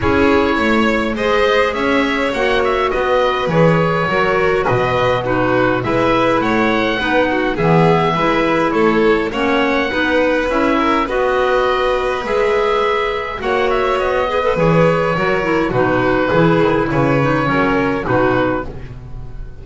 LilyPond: <<
  \new Staff \with { instrumentName = "oboe" } { \time 4/4 \tempo 4 = 103 cis''2 dis''4 e''4 | fis''8 e''8 dis''4 cis''2 | dis''4 b'4 e''4 fis''4~ | fis''4 e''2 cis''4 |
fis''2 e''4 dis''4~ | dis''4 e''2 fis''8 e''8 | dis''4 cis''2 b'4~ | b'4 cis''2 b'4 | }
  \new Staff \with { instrumentName = "violin" } { \time 4/4 gis'4 cis''4 c''4 cis''4~ | cis''4 b'2 ais'4 | b'4 fis'4 b'4 cis''4 | b'8 fis'8 gis'4 b'4 a'4 |
cis''4 b'4. ais'8 b'4~ | b'2. cis''4~ | cis''8 b'4. ais'4 fis'4 | gis'4 b'4 ais'4 fis'4 | }
  \new Staff \with { instrumentName = "clarinet" } { \time 4/4 e'2 gis'2 | fis'2 gis'4 fis'4~ | fis'4 dis'4 e'2 | dis'4 b4 e'2 |
cis'4 dis'4 e'4 fis'4~ | fis'4 gis'2 fis'4~ | fis'8 gis'16 a'16 gis'4 fis'8 e'8 dis'4 | e'4. dis'8 cis'4 dis'4 | }
  \new Staff \with { instrumentName = "double bass" } { \time 4/4 cis'4 a4 gis4 cis'4 | ais4 b4 e4 fis4 | b,2 gis4 a4 | b4 e4 gis4 a4 |
ais4 b4 cis'4 b4~ | b4 gis2 ais4 | b4 e4 fis4 b,4 | e8 dis8 cis4 fis4 b,4 | }
>>